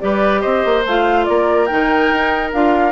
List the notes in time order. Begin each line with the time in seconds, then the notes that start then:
0.00 G3 G4 B4 D5
0.41 C4 C5 D#5
0.65 A#3
0.85 A3 F4 F5
1.25 A#3 A#4 D5
1.66 D#3 D#4 G5
2.11 D#4
2.53 D4 F4 F5